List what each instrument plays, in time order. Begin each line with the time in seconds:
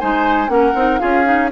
0.00 bassoon G#3, clarinet D#4, oboe C5, flute G#5
0.48 bassoon A#3, clarinet C#4, oboe A#4, flute F#5
0.75 bassoon C4, clarinet D#4
0.99 bassoon C#4, clarinet F4, oboe G#4, flute F5
1.25 clarinet D#4